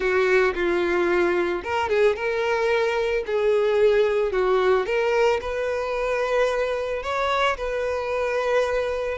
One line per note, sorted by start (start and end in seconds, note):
0.00 0.54 F#4
0.54 1.62 F4
1.63 1.89 A#4
1.89 2.16 G#4
2.16 3.24 A#4
3.26 4.32 G#4
4.32 4.86 F#4
4.86 5.40 A#4
5.41 7.02 B4
7.02 7.57 C#5
7.57 9.17 B4